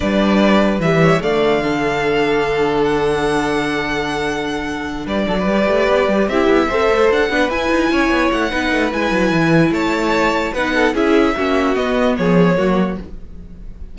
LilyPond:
<<
  \new Staff \with { instrumentName = "violin" } { \time 4/4 \tempo 4 = 148 d''2 e''4 f''4~ | f''2. fis''4~ | fis''1~ | fis''8 d''2. e''8~ |
e''4. fis''4 gis''4.~ | gis''8 fis''4. gis''2 | a''2 fis''4 e''4~ | e''4 dis''4 cis''2 | }
  \new Staff \with { instrumentName = "violin" } { \time 4/4 b'2~ b'8 cis''8 d''4 | a'1~ | a'1~ | a'8 b'8 a'16 b'2~ b'16 g'8~ |
g'8 c''4. b'4. cis''8~ | cis''4 b'2. | cis''2 b'8 a'8 gis'4 | fis'2 gis'4 fis'4 | }
  \new Staff \with { instrumentName = "viola" } { \time 4/4 d'2 g4 a4 | d'1~ | d'1~ | d'4. g'2 e'8~ |
e'8 a'4. d'8 e'4.~ | e'4 dis'4 e'2~ | e'2 dis'4 e'4 | cis'4 b2 ais4 | }
  \new Staff \with { instrumentName = "cello" } { \time 4/4 g2 e4 d4~ | d1~ | d1~ | d8 g8 fis8 g8 a8 b8 g8 c'8 |
b8 c'8 a8 d'8 b8 e'8 dis'8 cis'8 | b8 a8 b8 a8 gis8 fis8 e4 | a2 b4 cis'4 | ais4 b4 f4 fis4 | }
>>